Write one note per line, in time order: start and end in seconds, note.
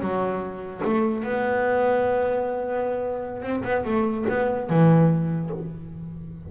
0.00 0.81 F#3
0.84 1.23 A3
1.23 3.42 B3
3.42 3.62 C4
3.64 3.84 B3
3.85 4.25 A3
4.29 4.69 B3
4.69 5.50 E3